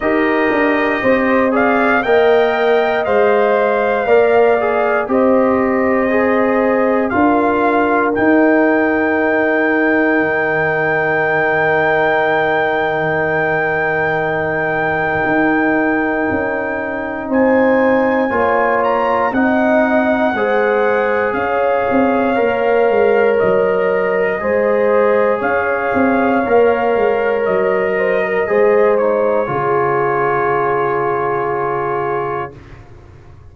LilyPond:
<<
  \new Staff \with { instrumentName = "trumpet" } { \time 4/4 \tempo 4 = 59 dis''4. f''8 g''4 f''4~ | f''4 dis''2 f''4 | g''1~ | g''1~ |
g''4 gis''4. ais''8 fis''4~ | fis''4 f''2 dis''4~ | dis''4 f''2 dis''4~ | dis''8 cis''2.~ cis''8 | }
  \new Staff \with { instrumentName = "horn" } { \time 4/4 ais'4 c''8 d''8 dis''2 | d''4 c''2 ais'4~ | ais'1~ | ais'1~ |
ais'4 c''4 cis''4 dis''4 | c''4 cis''2. | c''4 cis''2~ cis''8 c''16 ais'16 | c''4 gis'2. | }
  \new Staff \with { instrumentName = "trombone" } { \time 4/4 g'4. gis'8 ais'4 c''4 | ais'8 gis'8 g'4 gis'4 f'4 | dis'1~ | dis'1~ |
dis'2 f'4 dis'4 | gis'2 ais'2 | gis'2 ais'2 | gis'8 dis'8 f'2. | }
  \new Staff \with { instrumentName = "tuba" } { \time 4/4 dis'8 d'8 c'4 ais4 gis4 | ais4 c'2 d'4 | dis'2 dis2~ | dis2. dis'4 |
cis'4 c'4 ais4 c'4 | gis4 cis'8 c'8 ais8 gis8 fis4 | gis4 cis'8 c'8 ais8 gis8 fis4 | gis4 cis2. | }
>>